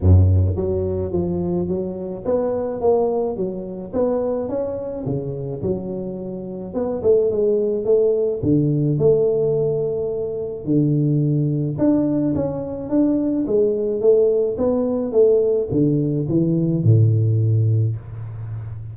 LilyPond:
\new Staff \with { instrumentName = "tuba" } { \time 4/4 \tempo 4 = 107 fis,4 fis4 f4 fis4 | b4 ais4 fis4 b4 | cis'4 cis4 fis2 | b8 a8 gis4 a4 d4 |
a2. d4~ | d4 d'4 cis'4 d'4 | gis4 a4 b4 a4 | d4 e4 a,2 | }